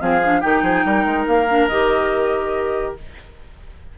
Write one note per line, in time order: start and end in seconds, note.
0.00 0.43 F3
0.00 0.21 C4
0.00 0.41 G#4
0.00 0.41 F5
0.24 0.42 D4
0.41 0.62 D#3
0.41 1.48 D#4
0.41 0.62 G4
0.41 1.26 G5
0.62 0.84 F3
0.62 0.84 G#4
0.85 1.06 G3
0.85 2.97 A#4
1.06 1.27 G#3
1.27 1.68 A#3
1.27 1.68 F5
1.49 1.70 D4
1.68 2.95 D#3
1.68 2.98 G4
1.68 2.94 D#5